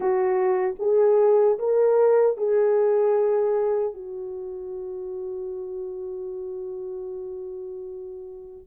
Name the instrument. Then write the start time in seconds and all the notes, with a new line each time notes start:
horn
0.00 F#4
0.79 G#4
1.58 A#4
2.37 G#4
3.94 F#4